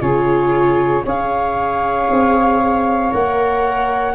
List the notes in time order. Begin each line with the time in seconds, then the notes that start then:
0.00 C#3 F4 G#4 C#5
1.04 C#4 G#4 C#5 F5
2.10 C4
3.11 A#3 A#4 F#5